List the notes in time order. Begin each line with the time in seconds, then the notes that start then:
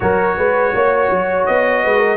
0.00 F#3 F#4 A#4 C#5
0.37 G#3 B4
0.74 A#3 C#5
1.10 F#3
1.45 B3 D#5
1.84 G#3 B4
1.98 A#4